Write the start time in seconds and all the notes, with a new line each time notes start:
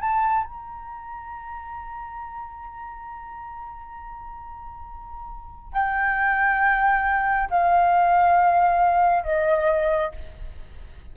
0.00 A5
0.44 A#5
5.72 G5
7.50 F5
9.23 D#5